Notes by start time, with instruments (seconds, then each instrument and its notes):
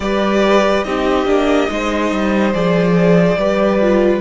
0.00 cello G3, viola G4, violin B4 D5
0.83 cello C4, viola D#4, violin G4 D#5
1.25 cello A#3, viola D4
1.68 cello G#3, viola D#4, violin C5
2.11 cello G3
2.53 cello F3, viola G#4, violin D5
3.36 cello G3, viola G4, violin B4
3.81 viola F4